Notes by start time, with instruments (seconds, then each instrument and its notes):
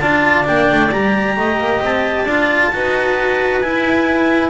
0.00 double bass D4, cello F4, clarinet D5 A5
0.45 double bass A#3, cello D4, clarinet G5
0.72 double bass A3
0.92 double bass G3, cello G4, clarinet A#5
1.37 double bass A3, clarinet D#5
1.59 double bass A#3
1.82 double bass C4, clarinet A5
2.24 double bass D4, cello F4, clarinet D5
2.73 double bass D#4, cello F#4, clarinet B4
3.61 cello E4, double bass E4, clarinet G#5